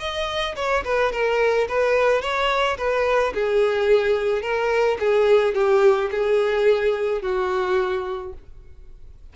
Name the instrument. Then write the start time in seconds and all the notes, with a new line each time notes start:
violin
0.00 D#5
0.56 C#5
0.85 B4
1.12 A#4
1.69 B4
2.22 C#5
2.78 B4
3.34 G#4
4.42 A#4
5.00 G#4
5.55 G4
6.12 G#4
7.22 F#4